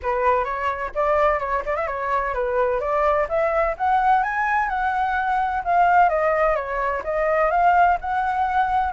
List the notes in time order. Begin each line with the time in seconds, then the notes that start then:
0.02 B4
0.44 C#5
0.95 D5
1.39 C#5
1.65 D5
1.76 E5
1.87 C#5
2.34 B4
2.80 D5
3.28 E5
3.77 F#5
4.23 G#5
4.69 F#5
5.64 F5
6.09 D#5
6.55 C#5
7.03 D#5
7.50 F5
8.00 F#5